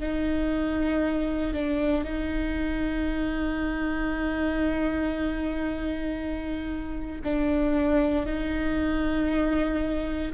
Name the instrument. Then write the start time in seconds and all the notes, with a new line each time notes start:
viola
0.00 D#4
1.53 D4
2.05 D#4
7.24 D4
8.26 D#4